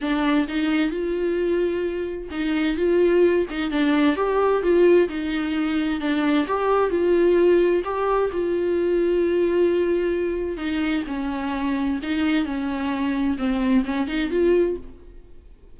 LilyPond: \new Staff \with { instrumentName = "viola" } { \time 4/4 \tempo 4 = 130 d'4 dis'4 f'2~ | f'4 dis'4 f'4. dis'8 | d'4 g'4 f'4 dis'4~ | dis'4 d'4 g'4 f'4~ |
f'4 g'4 f'2~ | f'2. dis'4 | cis'2 dis'4 cis'4~ | cis'4 c'4 cis'8 dis'8 f'4 | }